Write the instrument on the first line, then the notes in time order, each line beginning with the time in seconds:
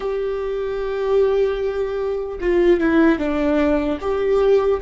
viola
0.00 G4
2.40 F4
2.80 E4
3.18 D4
4.00 G4